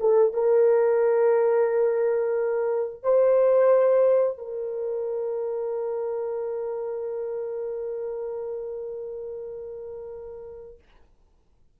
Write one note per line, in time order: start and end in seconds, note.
0.00 0.33 A4
0.33 3.03 A#4
3.03 4.38 C5
4.38 10.78 A#4